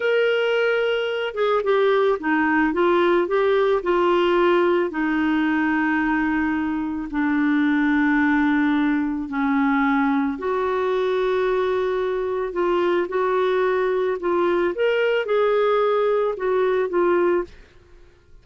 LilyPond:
\new Staff \with { instrumentName = "clarinet" } { \time 4/4 \tempo 4 = 110 ais'2~ ais'8 gis'8 g'4 | dis'4 f'4 g'4 f'4~ | f'4 dis'2.~ | dis'4 d'2.~ |
d'4 cis'2 fis'4~ | fis'2. f'4 | fis'2 f'4 ais'4 | gis'2 fis'4 f'4 | }